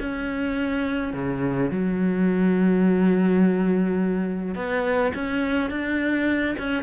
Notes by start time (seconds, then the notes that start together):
0.00 C#4
1.14 C#3
1.70 F#3
4.55 B3
5.15 C#4
5.70 D4
6.58 C#4